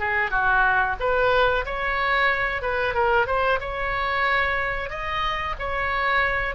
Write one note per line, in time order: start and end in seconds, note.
0.00 0.31 G#4
0.31 0.96 F#4
1.00 1.65 B4
1.66 2.62 C#5
2.62 2.95 B4
2.95 3.27 A#4
3.27 3.60 C5
3.60 4.90 C#5
4.90 5.56 D#5
5.59 6.55 C#5